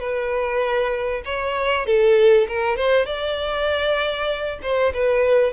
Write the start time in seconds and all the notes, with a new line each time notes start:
0.00 B4
1.25 C#5
1.86 A4
2.49 A#4
2.77 C5
3.06 D5
4.63 C5
4.94 B4